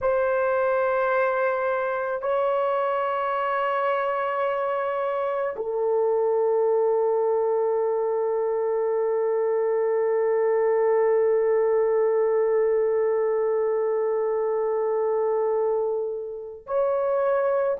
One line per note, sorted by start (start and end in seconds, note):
0.01 2.21 C5
2.21 5.55 C#5
5.56 16.66 A4
16.66 17.77 C#5